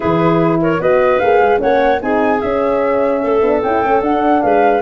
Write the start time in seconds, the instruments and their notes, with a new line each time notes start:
0.00 tuba E3, horn E4, clarinet G#4, flute B4
0.60 clarinet A#4, flute C#5
0.78 tuba B3, horn F#4, clarinet B4, flute D#5
1.19 tuba A#3, horn G#4, flute F5
1.40 tuba G#3
1.58 tuba A#3, horn C#4, clarinet C#5, flute F#5
2.01 tuba C4, horn D#4, clarinet G#4, flute G#5
2.40 tuba C#4, horn C#4, flute E5
3.22 tuba A3, clarinet A4
3.42 tuba B3, horn D4
3.62 tuba C#4, horn E4, flute G5
3.82 tuba A3, horn C#4
4.01 tuba D4, horn D4, flute F#5
4.42 tuba G#3, clarinet B4, flute F5